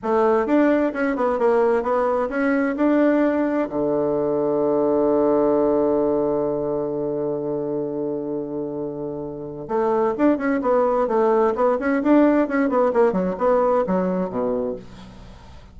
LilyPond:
\new Staff \with { instrumentName = "bassoon" } { \time 4/4 \tempo 4 = 130 a4 d'4 cis'8 b8 ais4 | b4 cis'4 d'2 | d1~ | d1~ |
d1~ | d4 a4 d'8 cis'8 b4 | a4 b8 cis'8 d'4 cis'8 b8 | ais8 fis8 b4 fis4 b,4 | }